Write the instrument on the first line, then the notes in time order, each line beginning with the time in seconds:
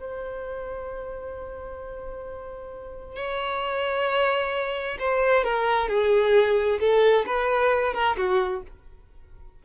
violin
0.00 C5
3.16 C#5
5.00 C5
5.45 A#4
5.89 G#4
6.80 A4
7.27 B4
7.94 A#4
8.17 F#4